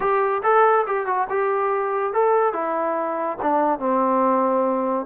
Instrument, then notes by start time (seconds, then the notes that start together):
trombone
0.00 G4
0.43 A4
0.87 G4
1.06 F#4
1.29 G4
2.13 A4
2.53 E4
3.41 D4
3.79 C4